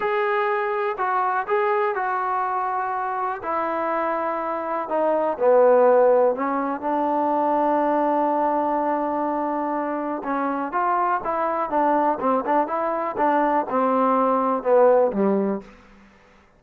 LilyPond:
\new Staff \with { instrumentName = "trombone" } { \time 4/4 \tempo 4 = 123 gis'2 fis'4 gis'4 | fis'2. e'4~ | e'2 dis'4 b4~ | b4 cis'4 d'2~ |
d'1~ | d'4 cis'4 f'4 e'4 | d'4 c'8 d'8 e'4 d'4 | c'2 b4 g4 | }